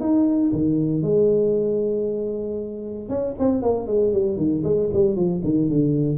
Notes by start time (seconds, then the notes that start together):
0.00 D#4
0.52 D#3
1.02 G#3
3.09 C#4
3.39 C4
3.62 A#3
3.87 G#3
4.13 G3
4.37 D#3
4.64 G#3
4.93 G3
5.16 F3
5.44 D#3
5.69 D3